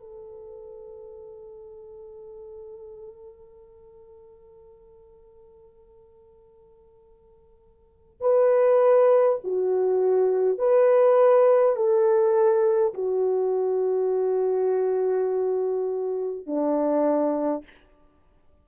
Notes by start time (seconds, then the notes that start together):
0.00 A4
8.21 B4
9.44 F#4
10.58 B4
11.76 A4
12.94 F#4
16.47 D4